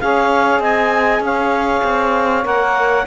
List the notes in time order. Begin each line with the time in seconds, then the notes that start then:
0.00 C#4 G#4 C#5 F5
0.59 C4 D#5 G#5
1.19 C#4 C#5 F5
1.84 C4
2.43 A#3 A#4 F#5